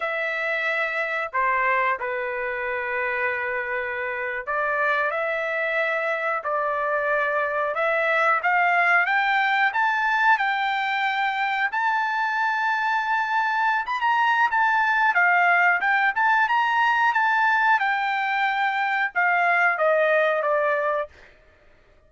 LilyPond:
\new Staff \with { instrumentName = "trumpet" } { \time 4/4 \tempo 4 = 91 e''2 c''4 b'4~ | b'2~ b'8. d''4 e''16~ | e''4.~ e''16 d''2 e''16~ | e''8. f''4 g''4 a''4 g''16~ |
g''4.~ g''16 a''2~ a''16~ | a''4 b''16 ais''8. a''4 f''4 | g''8 a''8 ais''4 a''4 g''4~ | g''4 f''4 dis''4 d''4 | }